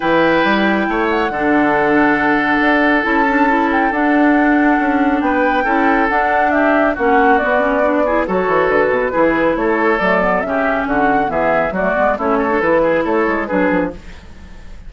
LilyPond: <<
  \new Staff \with { instrumentName = "flute" } { \time 4/4 \tempo 4 = 138 g''2~ g''8 fis''4.~ | fis''2. a''4~ | a''8 g''8 fis''2. | g''2 fis''4 e''4 |
fis''4 d''2 cis''4 | b'2 cis''4 d''4 | e''4 fis''4 e''4 d''4 | cis''4 b'4 cis''4 b'4 | }
  \new Staff \with { instrumentName = "oboe" } { \time 4/4 b'2 cis''4 a'4~ | a'1~ | a'1 | b'4 a'2 g'4 |
fis'2~ fis'8 gis'8 a'4~ | a'4 gis'4 a'2 | g'4 fis'4 gis'4 fis'4 | e'8 a'4 gis'8 a'4 gis'4 | }
  \new Staff \with { instrumentName = "clarinet" } { \time 4/4 e'2. d'4~ | d'2. e'8 d'8 | e'4 d'2.~ | d'4 e'4 d'2 |
cis'4 b8 cis'8 d'8 e'8 fis'4~ | fis'4 e'2 a8 b8 | cis'2 b4 a8 b8 | cis'8. d'16 e'2 d'4 | }
  \new Staff \with { instrumentName = "bassoon" } { \time 4/4 e4 g4 a4 d4~ | d2 d'4 cis'4~ | cis'4 d'2 cis'4 | b4 cis'4 d'2 |
ais4 b2 fis8 e8 | d8 b,8 e4 a4 fis4 | cis4 d4 e4 fis8 gis8 | a4 e4 a8 gis8 fis8 f8 | }
>>